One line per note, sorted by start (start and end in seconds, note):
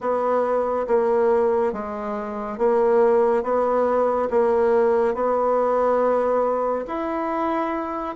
0.00 0.86 B3
0.87 1.72 A#3
1.72 2.58 G#3
2.58 3.43 A#3
3.43 4.29 B3
4.30 5.14 A#3
5.14 6.85 B3
6.86 8.15 E4